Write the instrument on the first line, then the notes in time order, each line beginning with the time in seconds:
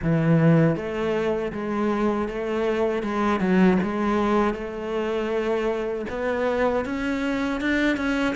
cello
0.02 E3
0.76 A3
1.52 G#3
2.28 A3
3.02 G#3
3.40 F#3
3.83 G#3
4.54 A3
6.09 B3
6.85 C#4
7.61 D4
7.96 C#4